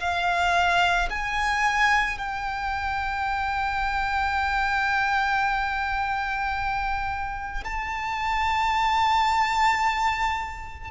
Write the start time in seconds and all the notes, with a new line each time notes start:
0.00 F5
1.10 G#5
2.18 G5
7.64 A5